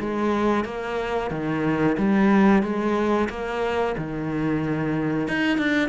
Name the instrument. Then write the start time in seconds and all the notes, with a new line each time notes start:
cello
0.00 G#3
0.65 A#3
1.31 D#3
1.98 G3
2.63 G#3
3.30 A#3
3.98 D#3
5.28 D#4
5.58 D4